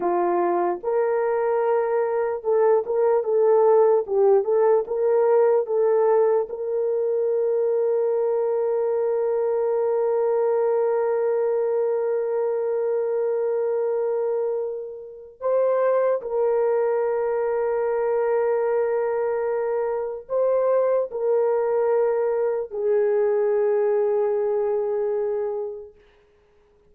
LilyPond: \new Staff \with { instrumentName = "horn" } { \time 4/4 \tempo 4 = 74 f'4 ais'2 a'8 ais'8 | a'4 g'8 a'8 ais'4 a'4 | ais'1~ | ais'1~ |
ais'2. c''4 | ais'1~ | ais'4 c''4 ais'2 | gis'1 | }